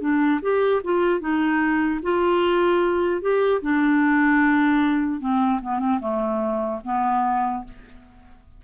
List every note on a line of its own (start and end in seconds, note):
0.00 0.40 D4
0.41 0.81 G4
0.84 1.20 F4
1.20 2.00 D#4
2.02 3.21 F4
3.21 3.61 G4
3.61 5.20 D4
5.20 5.60 C4
5.61 5.79 B3
5.79 5.99 C4
6.00 6.80 A3
6.84 7.64 B3